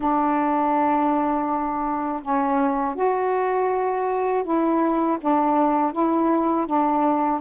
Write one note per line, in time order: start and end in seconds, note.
0.00 2.22 D4
2.22 2.95 C#4
2.95 4.43 F#4
4.43 5.18 E4
5.21 5.92 D4
5.92 6.66 E4
6.66 7.40 D4